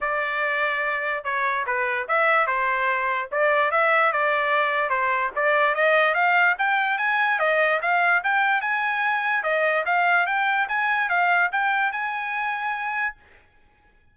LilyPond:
\new Staff \with { instrumentName = "trumpet" } { \time 4/4 \tempo 4 = 146 d''2. cis''4 | b'4 e''4 c''2 | d''4 e''4 d''2 | c''4 d''4 dis''4 f''4 |
g''4 gis''4 dis''4 f''4 | g''4 gis''2 dis''4 | f''4 g''4 gis''4 f''4 | g''4 gis''2. | }